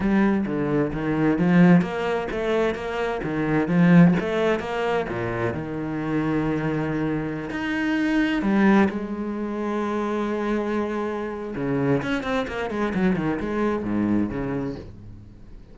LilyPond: \new Staff \with { instrumentName = "cello" } { \time 4/4 \tempo 4 = 130 g4 d4 dis4 f4 | ais4 a4 ais4 dis4 | f4 a4 ais4 ais,4 | dis1~ |
dis16 dis'2 g4 gis8.~ | gis1~ | gis4 cis4 cis'8 c'8 ais8 gis8 | fis8 dis8 gis4 gis,4 cis4 | }